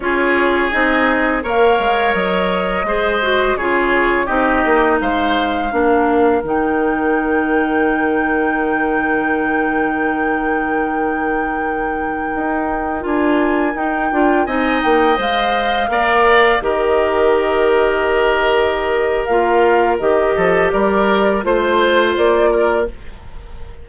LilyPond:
<<
  \new Staff \with { instrumentName = "flute" } { \time 4/4 \tempo 4 = 84 cis''4 dis''4 f''4 dis''4~ | dis''4 cis''4 dis''4 f''4~ | f''4 g''2.~ | g''1~ |
g''2~ g''16 gis''4 g''8.~ | g''16 gis''8 g''8 f''2 dis''8.~ | dis''2. f''4 | dis''4 d''4 c''4 d''4 | }
  \new Staff \with { instrumentName = "oboe" } { \time 4/4 gis'2 cis''2 | c''4 gis'4 g'4 c''4 | ais'1~ | ais'1~ |
ais'1~ | ais'16 dis''2 d''4 ais'8.~ | ais'1~ | ais'8 a'8 ais'4 c''4. ais'8 | }
  \new Staff \with { instrumentName = "clarinet" } { \time 4/4 f'4 dis'4 ais'2 | gis'8 fis'8 f'4 dis'2 | d'4 dis'2.~ | dis'1~ |
dis'2~ dis'16 f'4 dis'8 f'16~ | f'16 dis'4 c''4 ais'4 g'8.~ | g'2. f'4 | g'2 f'2 | }
  \new Staff \with { instrumentName = "bassoon" } { \time 4/4 cis'4 c'4 ais8 gis8 fis4 | gis4 cis4 c'8 ais8 gis4 | ais4 dis2.~ | dis1~ |
dis4~ dis16 dis'4 d'4 dis'8 d'16~ | d'16 c'8 ais8 gis4 ais4 dis8.~ | dis2. ais4 | dis8 f8 g4 a4 ais4 | }
>>